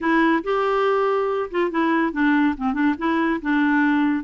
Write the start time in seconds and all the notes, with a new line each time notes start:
0.00 E4
0.43 G4
1.50 F4
1.70 E4
2.12 D4
2.57 C4
2.73 D4
2.98 E4
3.41 D4